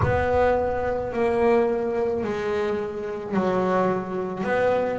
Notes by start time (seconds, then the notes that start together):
0.03 B3
1.12 A#3
2.23 G#3
3.33 F#3
4.43 B3